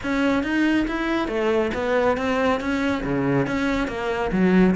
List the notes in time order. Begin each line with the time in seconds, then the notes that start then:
0.03 C#4
0.43 D#4
0.87 E4
1.28 A3
1.74 B3
2.17 C4
2.60 C#4
3.03 C#3
3.46 C#4
3.87 A#3
4.32 F#3